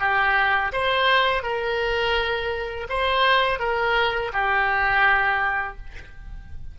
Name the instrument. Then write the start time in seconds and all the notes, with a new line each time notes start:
oboe
0.00 G4
0.73 C5
1.43 A#4
2.89 C5
3.59 A#4
4.33 G4